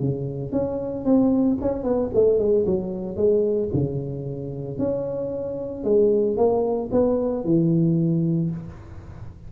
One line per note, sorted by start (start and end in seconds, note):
0.00 0.52 C#3
0.52 1.05 C#4
1.05 1.58 C4
1.61 1.84 C#4
1.84 2.10 B3
2.15 2.39 A3
2.39 2.65 G#3
2.66 3.16 F#3
3.16 3.69 G#3
3.73 4.79 C#3
4.79 5.84 C#4
5.84 6.37 G#3
6.37 6.90 A#3
6.92 7.44 B3
7.44 8.51 E3